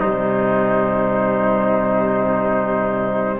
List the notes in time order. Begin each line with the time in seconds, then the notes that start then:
0.00 C3 G3 D#4 C5